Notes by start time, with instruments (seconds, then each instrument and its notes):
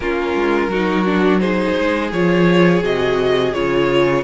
0.00 cello A#3, viola C#4, violin F4 A#4
0.34 cello G#3
0.67 cello F#3, viola D#4, violin F#4
1.05 viola D4
1.39 viola D#4, violin G#4 C5
1.78 cello G#3
2.12 cello F3, viola F4, violin C#5
2.82 cello C3, viola F#4, violin D#5
3.53 cello C#3, viola F4, violin C#5